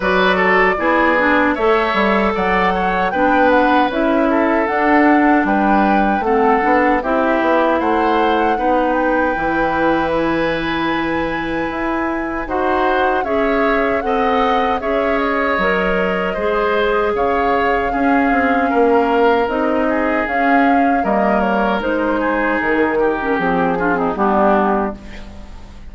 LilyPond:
<<
  \new Staff \with { instrumentName = "flute" } { \time 4/4 \tempo 4 = 77 d''2 e''4 fis''4 | g''8 fis''8 e''4 fis''4 g''4 | fis''4 e''4 fis''4. g''8~ | g''4 gis''2. |
fis''4 e''4 fis''4 e''8 dis''8~ | dis''2 f''2~ | f''4 dis''4 f''4 dis''8 cis''8 | c''4 ais'4 gis'4 g'4 | }
  \new Staff \with { instrumentName = "oboe" } { \time 4/4 b'8 a'8 gis'4 cis''4 d''8 cis''8 | b'4. a'4. b'4 | a'4 g'4 c''4 b'4~ | b'1 |
c''4 cis''4 dis''4 cis''4~ | cis''4 c''4 cis''4 gis'4 | ais'4. gis'4. ais'4~ | ais'8 gis'4 g'4 f'16 dis'16 d'4 | }
  \new Staff \with { instrumentName = "clarinet" } { \time 4/4 fis'4 e'8 d'8 a'2 | d'4 e'4 d'2 | c'8 d'8 e'2 dis'4 | e'1 |
fis'4 gis'4 a'4 gis'4 | ais'4 gis'2 cis'4~ | cis'4 dis'4 cis'4 ais4 | dis'4.~ dis'16 cis'16 c'8 d'16 c'16 b4 | }
  \new Staff \with { instrumentName = "bassoon" } { \time 4/4 fis4 b4 a8 g8 fis4 | b4 cis'4 d'4 g4 | a8 b8 c'8 b8 a4 b4 | e2. e'4 |
dis'4 cis'4 c'4 cis'4 | fis4 gis4 cis4 cis'8 c'8 | ais4 c'4 cis'4 g4 | gis4 dis4 f4 g4 | }
>>